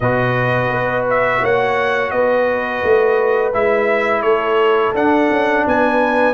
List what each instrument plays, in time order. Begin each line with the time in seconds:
0.00 tuba B2, trombone F#4, horn B4, trumpet D#5
0.70 tuba B3
1.10 trumpet E5
1.41 tuba A#3, horn C#5, trumpet F#5
2.11 tuba B3, horn B4, trumpet D#5
2.83 tuba A3
3.53 tuba G#3, trombone E4, trumpet E5
4.22 tuba A3, horn A4, trumpet C#5
4.94 tuba D4, trombone D4, trumpet F#5
5.30 tuba C#4
5.66 tuba B3, horn B4, trumpet G#5